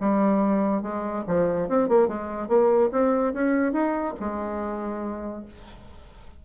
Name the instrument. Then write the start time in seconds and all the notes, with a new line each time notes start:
bassoon
0.00 G3
0.82 G#3
1.27 F3
1.69 C4
1.88 A#3
2.08 G#3
2.48 A#3
2.92 C4
3.34 C#4
3.72 D#4
4.20 G#3